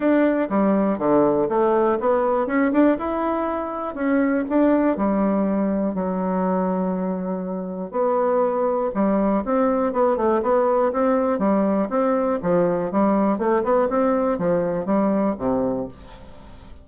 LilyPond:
\new Staff \with { instrumentName = "bassoon" } { \time 4/4 \tempo 4 = 121 d'4 g4 d4 a4 | b4 cis'8 d'8 e'2 | cis'4 d'4 g2 | fis1 |
b2 g4 c'4 | b8 a8 b4 c'4 g4 | c'4 f4 g4 a8 b8 | c'4 f4 g4 c4 | }